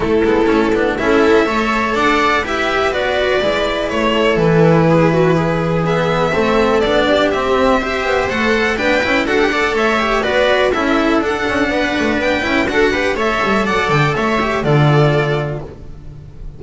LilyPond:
<<
  \new Staff \with { instrumentName = "violin" } { \time 4/4 \tempo 4 = 123 a'2 e''2 | fis''4 e''4 d''2 | cis''4 b'2. | e''2 d''4 e''4~ |
e''4 fis''4 g''4 fis''4 | e''4 d''4 e''4 fis''4~ | fis''4 g''4 fis''4 e''4 | fis''8 g''8 e''4 d''2 | }
  \new Staff \with { instrumentName = "viola" } { \time 4/4 e'2 a'4 cis''4 | d''4 b'2.~ | b'8 a'4. gis'8 fis'8 gis'4~ | gis'4 a'4. g'4. |
c''2 b'4 a'8 d''8 | cis''4 b'4 a'2 | b'2 a'8 b'8 cis''4 | d''4 cis''4 a'2 | }
  \new Staff \with { instrumentName = "cello" } { \time 4/4 a8 b8 cis'8 d'8 e'4 a'4~ | a'4 g'4 fis'4 e'4~ | e'1 | b4 c'4 d'4 c'4 |
g'4 a'4 d'8 e'8 fis'16 g'16 a'8~ | a'8 g'8 fis'4 e'4 d'4~ | d'4. e'8 fis'8 g'8 a'4~ | a'4. g'8 f'2 | }
  \new Staff \with { instrumentName = "double bass" } { \time 4/4 a8 gis8 a8 b8 cis'4 a4 | d'4 e'4 b4 gis4 | a4 e2.~ | e4 a4 b4 c'4~ |
c'8 b8 a4 b8 cis'8 d'4 | a4 b4 cis'4 d'8 cis'8 | b8 a8 b8 cis'8 d'4 a8 g8 | fis8 d8 a4 d2 | }
>>